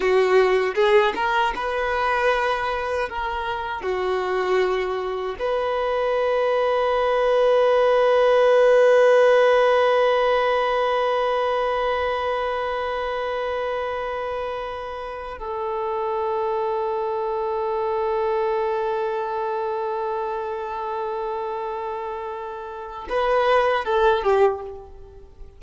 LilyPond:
\new Staff \with { instrumentName = "violin" } { \time 4/4 \tempo 4 = 78 fis'4 gis'8 ais'8 b'2 | ais'4 fis'2 b'4~ | b'1~ | b'1~ |
b'1 | a'1~ | a'1~ | a'2 b'4 a'8 g'8 | }